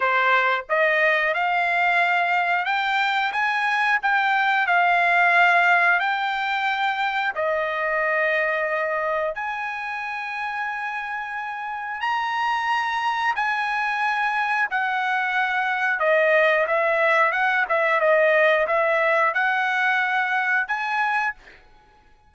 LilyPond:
\new Staff \with { instrumentName = "trumpet" } { \time 4/4 \tempo 4 = 90 c''4 dis''4 f''2 | g''4 gis''4 g''4 f''4~ | f''4 g''2 dis''4~ | dis''2 gis''2~ |
gis''2 ais''2 | gis''2 fis''2 | dis''4 e''4 fis''8 e''8 dis''4 | e''4 fis''2 gis''4 | }